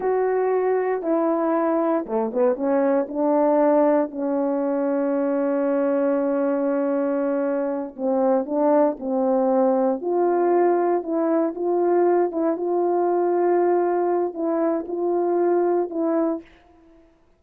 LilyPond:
\new Staff \with { instrumentName = "horn" } { \time 4/4 \tempo 4 = 117 fis'2 e'2 | a8 b8 cis'4 d'2 | cis'1~ | cis'2.~ cis'8 c'8~ |
c'8 d'4 c'2 f'8~ | f'4. e'4 f'4. | e'8 f'2.~ f'8 | e'4 f'2 e'4 | }